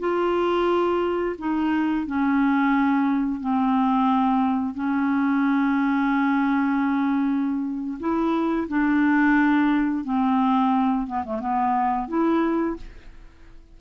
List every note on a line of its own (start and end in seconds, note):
0.00 1.36 F4
1.39 2.06 D#4
2.06 3.41 C#4
3.41 4.74 C4
4.74 7.98 C#4
8.00 8.68 E4
8.69 10.05 D4
10.05 11.07 C4
11.07 11.24 B3
11.25 11.40 A3
11.40 12.08 B3
12.08 12.77 E4